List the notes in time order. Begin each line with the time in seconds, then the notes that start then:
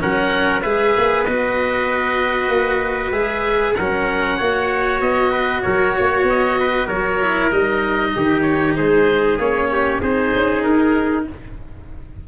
0.00 F#3 C#4 A#4 F#5
0.62 G#3 G#4 B4 E5
0.98 A#3
1.24 B3 F#4 D#5
2.49 A#3
3.11 G#3 G#4 E5
3.75 F#3 C#4 A#4 F#5
4.37 A#3 F#4 C#5
5.01 B3 D#5
5.32 B4
5.62 F#3 A#4 C#5
5.97 A#3 C#5
6.23 B3 D#5
6.60 B4
6.86 F#3 A#4 C#5
7.22 E4
7.51 G3 D#4 D#5
8.16 D#3 G4
8.42 C#5
8.76 G#3 G#4 C5
9.39 A#3 C#4 C#5
9.72 G4
10.01 C4 D#4 G#4 C5
10.34 C#4
10.63 D#4 A#4